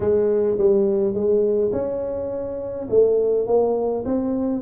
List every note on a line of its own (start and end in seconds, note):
0.00 0.57 G#3
0.57 1.14 G3
1.14 1.72 G#3
1.72 2.87 C#4
2.89 3.46 A3
3.46 4.04 A#3
4.05 4.62 C4